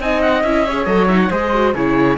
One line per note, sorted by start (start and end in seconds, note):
0.00 0.43 C4
0.00 0.44 D#4
0.00 0.67 D#5
0.00 0.21 G#5
0.21 0.43 F#5
0.43 0.86 C#4
0.43 0.67 E4
0.43 0.85 E5
0.67 0.87 G#4
0.67 1.31 C#5
0.85 1.30 F#3
0.85 1.08 A4
0.85 1.07 D#5
1.08 1.30 D#4
1.08 1.19 E5
1.21 1.31 F#5
1.31 1.74 G#3
1.31 1.53 G#4
1.31 1.74 C5
1.31 1.74 D#5
1.53 1.75 F#4
1.74 2.18 C#3
1.74 2.18 E4
1.74 2.18 G#4
1.74 2.18 C#5